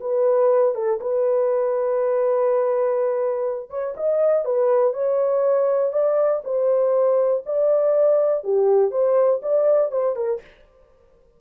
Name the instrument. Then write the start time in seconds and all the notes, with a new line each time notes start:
horn
0.00 B4
0.74 A4
1.00 B4
3.69 C#5
3.96 D#5
4.45 B4
4.93 C#5
5.92 D5
6.44 C5
7.46 D5
8.43 G4
8.91 C5
9.42 D5
9.91 C5
10.16 A#4